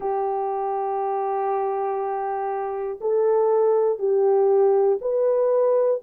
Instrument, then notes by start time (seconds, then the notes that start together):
horn
0.00 G4
3.00 A4
3.99 G4
5.01 B4